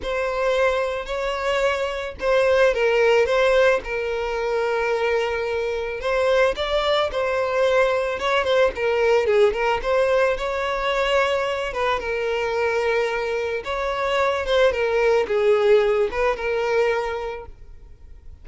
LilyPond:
\new Staff \with { instrumentName = "violin" } { \time 4/4 \tempo 4 = 110 c''2 cis''2 | c''4 ais'4 c''4 ais'4~ | ais'2. c''4 | d''4 c''2 cis''8 c''8 |
ais'4 gis'8 ais'8 c''4 cis''4~ | cis''4. b'8 ais'2~ | ais'4 cis''4. c''8 ais'4 | gis'4. b'8 ais'2 | }